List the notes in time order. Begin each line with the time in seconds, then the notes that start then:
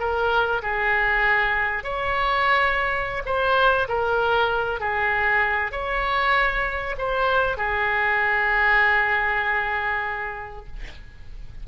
0.00 A#4
0.63 G#4
1.84 C#5
3.26 C5
3.89 A#4
4.80 G#4
5.72 C#5
6.99 C5
7.57 G#4